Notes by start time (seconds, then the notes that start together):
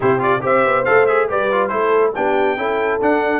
0.00 C3 E4 G4 C5
0.18 F4 D5
0.41 C4 G4 C5 E5
0.65 B3
0.84 A3 A4 F5
1.06 G#4 E5
1.28 G3 G4 B4 D5
1.51 F4
1.67 A3 E4 A4 C5
2.14 B3 D4 G4 G5
2.57 C#4 E4 A4
3.01 D4 F#5